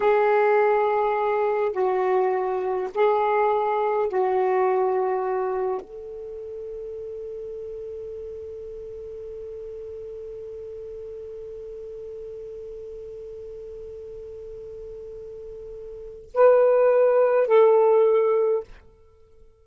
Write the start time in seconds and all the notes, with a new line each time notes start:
0.00 G#4
1.72 F#4
2.94 G#4
4.08 F#4
5.81 A4
16.34 B4
17.47 A4